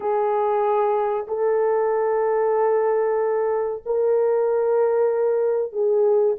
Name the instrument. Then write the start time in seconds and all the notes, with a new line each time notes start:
horn
0.00 G#4
1.27 A4
3.85 A#4
5.72 G#4